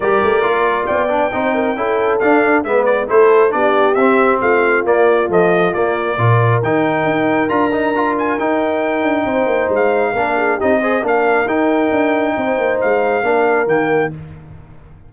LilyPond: <<
  \new Staff \with { instrumentName = "trumpet" } { \time 4/4 \tempo 4 = 136 d''2 g''2~ | g''4 f''4 e''8 d''8 c''4 | d''4 e''4 f''4 d''4 | dis''4 d''2 g''4~ |
g''4 ais''4. gis''8 g''4~ | g''2 f''2 | dis''4 f''4 g''2~ | g''4 f''2 g''4 | }
  \new Staff \with { instrumentName = "horn" } { \time 4/4 ais'2 d''4 c''8 ais'8 | a'2 b'4 a'4 | g'2 f'2~ | f'2 ais'2~ |
ais'1~ | ais'4 c''2 ais'8 gis'8 | g'8 c''8 ais'2. | c''2 ais'2 | }
  \new Staff \with { instrumentName = "trombone" } { \time 4/4 g'4 f'4. d'8 dis'4 | e'4 d'4 b4 e'4 | d'4 c'2 ais4 | f4 ais4 f'4 dis'4~ |
dis'4 f'8 dis'8 f'4 dis'4~ | dis'2. d'4 | dis'8 gis'8 d'4 dis'2~ | dis'2 d'4 ais4 | }
  \new Staff \with { instrumentName = "tuba" } { \time 4/4 g8 a8 ais4 b4 c'4 | cis'4 d'4 gis4 a4 | b4 c'4 a4 ais4 | a4 ais4 ais,4 dis4 |
dis'4 d'2 dis'4~ | dis'8 d'8 c'8 ais8 gis4 ais4 | c'4 ais4 dis'4 d'4 | c'8 ais8 gis4 ais4 dis4 | }
>>